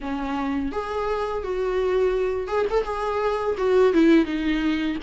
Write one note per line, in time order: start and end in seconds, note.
0.00 0.71 C#4
0.71 1.43 G#4
1.43 2.47 F#4
2.47 2.65 G#4
2.69 2.84 A4
2.84 3.55 G#4
3.57 3.93 F#4
3.93 4.25 E4
4.25 4.96 D#4